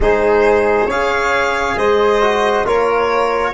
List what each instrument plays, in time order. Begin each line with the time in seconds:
0.00 tuba G#3, trombone D#4, flute G#4, violin C5
0.87 tuba C#4, trombone G#4, flute C#5, violin F5
1.76 tuba G#3, flute C5, violin D#5
2.22 trombone F#4
2.65 tuba A#3, trombone F4, flute A#4, violin C#5